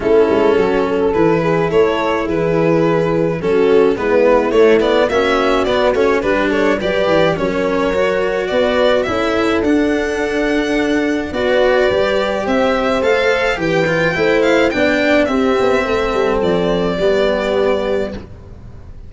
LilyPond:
<<
  \new Staff \with { instrumentName = "violin" } { \time 4/4 \tempo 4 = 106 a'2 b'4 cis''4 | b'2 a'4 b'4 | cis''8 d''8 e''4 d''8 cis''8 b'8 cis''8 | d''4 cis''2 d''4 |
e''4 fis''2. | d''2 e''4 f''4 | g''4. f''8 g''4 e''4~ | e''4 d''2. | }
  \new Staff \with { instrumentName = "horn" } { \time 4/4 e'4 fis'8 a'4 gis'8 a'4 | gis'2 fis'4 e'4~ | e'4 fis'2 g'8 a'8 | b'4 ais'2 b'4 |
a'1 | b'2 c''2 | b'4 c''4 d''4 g'4 | a'2 g'2 | }
  \new Staff \with { instrumentName = "cello" } { \time 4/4 cis'2 e'2~ | e'2 cis'4 b4 | a8 b8 cis'4 b8 cis'8 d'4 | g'4 cis'4 fis'2 |
e'4 d'2. | fis'4 g'2 a'4 | g'8 f'8 e'4 d'4 c'4~ | c'2 b2 | }
  \new Staff \with { instrumentName = "tuba" } { \time 4/4 a8 gis8 fis4 e4 a4 | e2 fis4 gis4 | a4 ais4 b8 a8 g4 | fis8 e8 fis2 b4 |
cis'4 d'2. | b4 g4 c'4 a4 | e4 a4 b4 c'8 b8 | a8 g8 f4 g2 | }
>>